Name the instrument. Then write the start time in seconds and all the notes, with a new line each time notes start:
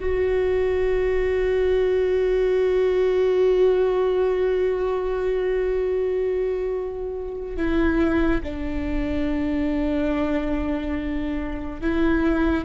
viola
0.00 F#4
7.57 E4
8.43 D4
11.81 E4